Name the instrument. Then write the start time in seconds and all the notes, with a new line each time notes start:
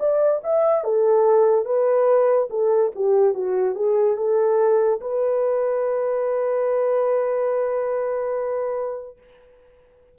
horn
0.00 D5
0.44 E5
0.84 A4
1.66 B4
2.50 A4
2.95 G4
3.34 F#4
3.75 G#4
4.17 A4
5.01 B4